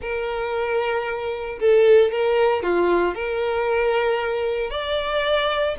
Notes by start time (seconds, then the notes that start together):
0.01 A#4
1.59 A4
2.11 A#4
2.62 F4
3.14 A#4
4.70 D5